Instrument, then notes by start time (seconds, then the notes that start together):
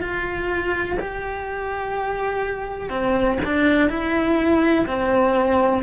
cello
0.00 F4
0.99 G4
2.89 C4
3.44 D4
3.89 E4
4.87 C4